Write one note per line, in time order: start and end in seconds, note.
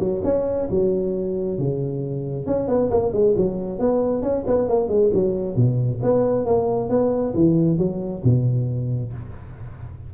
0.00 0.22 F#3
0.24 0.69 C#4
0.71 1.59 F#3
1.59 2.47 C#3
2.47 2.68 C#4
2.68 2.91 B3
2.92 3.13 A#3
3.13 3.35 G#3
3.37 3.80 F#3
3.80 4.23 B3
4.23 4.45 C#4
4.47 4.69 B3
4.69 4.89 A#3
4.89 5.11 G#3
5.14 5.57 F#3
5.57 6.01 B2
6.03 6.46 B3
6.46 6.90 A#3
6.90 7.34 B3
7.35 7.79 E3
7.79 8.23 F#3
8.24 9.13 B2